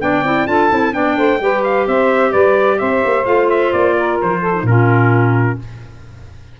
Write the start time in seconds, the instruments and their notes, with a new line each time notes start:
0.00 tuba B3, clarinet D4, saxophone D5, trumpet G5
0.23 tuba C4, clarinet E4
0.47 tuba D4, clarinet F4, saxophone A4, trumpet A5
0.70 tuba C4, clarinet E4
0.92 tuba B3, clarinet D4, saxophone D5, trumpet G5
1.17 tuba A3, saxophone C5
1.41 tuba G3, clarinet G4, saxophone B4
1.64 trumpet F5
1.87 tuba C4, saxophone C5, trumpet E5
2.31 tuba G3, saxophone B4, trumpet D5
2.79 tuba C4, saxophone C5, trumpet E5
3.05 tuba A#3
3.25 tuba A3, clarinet F4, trumpet F5
3.50 trumpet E5
3.72 tuba A#3, trumpet D5
3.97 saxophone A#4
4.22 tuba F3, trumpet C5
4.40 saxophone A4
4.54 clarinet D#4
4.62 tuba A#2, clarinet C#4, saxophone F4, trumpet A#4